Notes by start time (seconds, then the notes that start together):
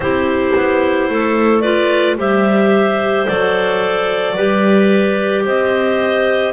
0.00 C4 E4 G4 C5
0.55 B3
1.09 A3 A4
1.60 F4 B4 D5
2.17 G3 G4 C5 E5
3.26 F#3 A4 D5
4.35 G3 G4 B4
5.44 C4 C5 D#5